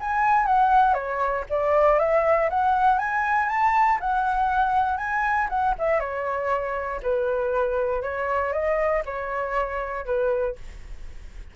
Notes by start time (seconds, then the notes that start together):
0.00 G#5
0.46 F#5
0.93 C#5
1.49 D5
1.98 E5
2.49 F#5
2.98 G#5
3.48 A5
4.00 F#5
4.97 G#5
5.49 F#5
5.78 E5
5.99 C#5
7.02 B4
8.02 C#5
8.52 D#5
9.05 C#5
10.05 B4